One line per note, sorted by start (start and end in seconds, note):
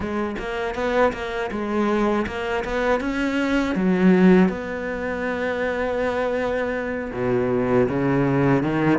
0.00 0.35 G#3
0.39 0.75 A#3
0.75 1.12 B3
1.12 1.50 A#3
1.51 2.26 G#3
2.26 2.64 A#3
2.64 3.00 B3
3.00 3.75 C#4
3.75 4.48 F#3
4.48 7.11 B3
7.12 7.87 B2
7.89 8.62 C#3
8.62 8.98 D#3